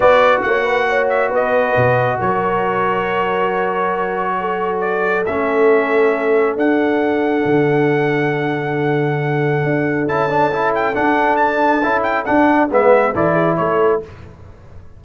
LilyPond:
<<
  \new Staff \with { instrumentName = "trumpet" } { \time 4/4 \tempo 4 = 137 d''4 fis''4. e''8 dis''4~ | dis''4 cis''2.~ | cis''2. d''4 | e''2. fis''4~ |
fis''1~ | fis''2. a''4~ | a''8 g''8 fis''4 a''4. g''8 | fis''4 e''4 d''4 cis''4 | }
  \new Staff \with { instrumentName = "horn" } { \time 4/4 b'4 cis''8 b'8 cis''4 b'4~ | b'4 ais'2.~ | ais'2 a'2~ | a'1~ |
a'1~ | a'1~ | a'1~ | a'4 b'4 a'8 gis'8 a'4 | }
  \new Staff \with { instrumentName = "trombone" } { \time 4/4 fis'1~ | fis'1~ | fis'1 | cis'2. d'4~ |
d'1~ | d'2. e'8 d'8 | e'4 d'2 e'4 | d'4 b4 e'2 | }
  \new Staff \with { instrumentName = "tuba" } { \time 4/4 b4 ais2 b4 | b,4 fis2.~ | fis1 | a2. d'4~ |
d'4 d2.~ | d2 d'4 cis'4~ | cis'4 d'2 cis'4 | d'4 gis4 e4 a4 | }
>>